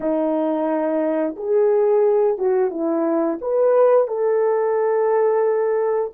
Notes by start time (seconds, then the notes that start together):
0.00 D#4
1.36 G#4
2.37 F#4
2.70 E4
3.41 B4
4.07 A4